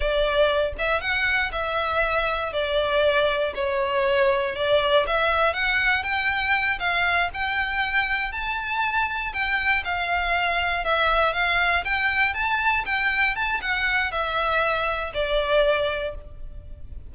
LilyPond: \new Staff \with { instrumentName = "violin" } { \time 4/4 \tempo 4 = 119 d''4. e''8 fis''4 e''4~ | e''4 d''2 cis''4~ | cis''4 d''4 e''4 fis''4 | g''4. f''4 g''4.~ |
g''8 a''2 g''4 f''8~ | f''4. e''4 f''4 g''8~ | g''8 a''4 g''4 a''8 fis''4 | e''2 d''2 | }